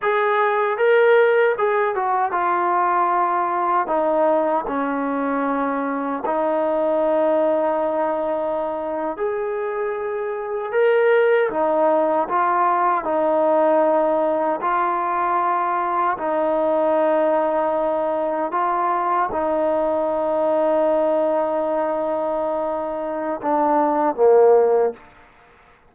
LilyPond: \new Staff \with { instrumentName = "trombone" } { \time 4/4 \tempo 4 = 77 gis'4 ais'4 gis'8 fis'8 f'4~ | f'4 dis'4 cis'2 | dis'2.~ dis'8. gis'16~ | gis'4.~ gis'16 ais'4 dis'4 f'16~ |
f'8. dis'2 f'4~ f'16~ | f'8. dis'2. f'16~ | f'8. dis'2.~ dis'16~ | dis'2 d'4 ais4 | }